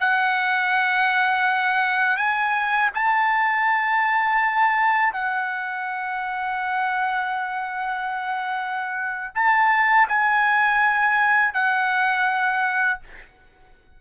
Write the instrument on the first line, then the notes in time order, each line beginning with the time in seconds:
trumpet
0.00 F#5
2.17 G#5
2.94 A5
5.13 F#5
9.35 A5
10.08 G#5
11.53 F#5